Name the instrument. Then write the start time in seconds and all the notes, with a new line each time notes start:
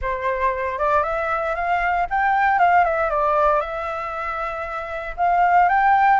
flute
0.01 C5
0.78 D5
1.03 E5
1.55 F5
2.10 G5
2.58 F5
2.84 E5
3.10 D5
3.60 E5
5.17 F5
5.68 G5